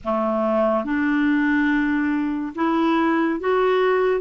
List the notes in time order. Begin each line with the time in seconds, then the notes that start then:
0.04 A3
0.84 D4
2.55 E4
3.40 F#4